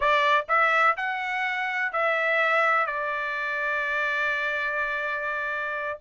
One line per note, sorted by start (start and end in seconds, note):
0.00 0.45 D5
0.48 0.96 E5
0.96 1.92 F#5
1.92 2.86 E5
2.86 5.98 D5